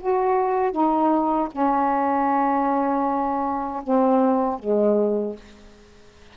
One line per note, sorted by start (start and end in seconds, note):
0.00 0.72 F#4
0.72 1.49 D#4
1.52 3.83 C#4
3.84 4.59 C4
4.59 5.36 G#3